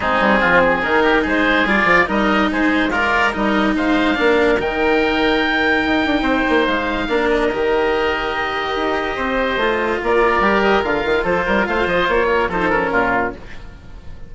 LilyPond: <<
  \new Staff \with { instrumentName = "oboe" } { \time 4/4 \tempo 4 = 144 gis'2 ais'4 c''4 | d''4 dis''4 c''4 d''4 | dis''4 f''2 g''4~ | g''1 |
f''4. dis''2~ dis''8~ | dis''1 | d''4. dis''8 f''4 c''4 | f''8 dis''8 cis''4 c''8 ais'4. | }
  \new Staff \with { instrumentName = "oboe" } { \time 4/4 dis'4 f'8 gis'4 g'8 gis'4~ | gis'4 ais'4 gis'4 f'4 | ais'4 c''4 ais'2~ | ais'2. c''4~ |
c''4 ais'2.~ | ais'2 c''2 | ais'2. a'8 ais'8 | c''4. ais'8 a'4 f'4 | }
  \new Staff \with { instrumentName = "cello" } { \time 4/4 c'2 dis'2 | f'4 dis'2 ais'4 | dis'2 d'4 dis'4~ | dis'1~ |
dis'4 d'4 g'2~ | g'2. f'4~ | f'4 g'4 f'2~ | f'2 dis'8 cis'4. | }
  \new Staff \with { instrumentName = "bassoon" } { \time 4/4 gis8 g8 f4 dis4 gis4 | g8 f8 g4 gis2 | g4 gis4 ais4 dis4~ | dis2 dis'8 d'8 c'8 ais8 |
gis4 ais4 dis2~ | dis4 dis'4 c'4 a4 | ais4 g4 d8 dis8 f8 g8 | a8 f8 ais4 f4 ais,4 | }
>>